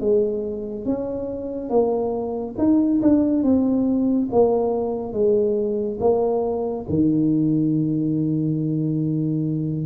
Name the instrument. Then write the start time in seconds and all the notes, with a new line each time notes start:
tuba
0.00 G#3
0.85 C#4
1.69 A#3
2.58 D#4
3.02 D4
3.43 C4
4.31 A#3
5.12 G#3
6.00 A#3
6.89 D#3